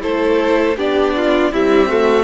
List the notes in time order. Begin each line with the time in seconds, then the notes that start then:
0.00 A3 E4 A4 C5
0.76 B3 D4 G4 D5
1.16 F4
1.52 G3 C4 E4 E5
1.89 A3 F#4